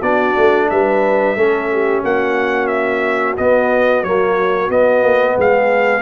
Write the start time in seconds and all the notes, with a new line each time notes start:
0.00 B3 D4 F#4 D5
0.37 A3
0.69 G3 B4 E5
1.36 A3 C#4 A4
1.72 G4
2.02 A#3 F#4 F#5
2.67 E5
3.37 B3 D#5
4.03 F#3 A#3 C#5
4.69 B3 D#5
5.02 A#3
5.37 G#3 G#4 F5